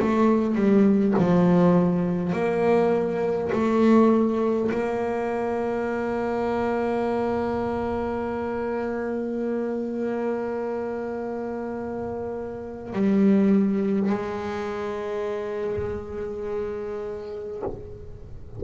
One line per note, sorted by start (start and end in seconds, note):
0.00 0.56 A3
0.56 1.14 G3
1.19 2.33 F3
2.33 3.51 A#3
3.53 4.71 A3
4.72 12.93 A#3
12.93 14.10 G3
14.10 17.63 G#3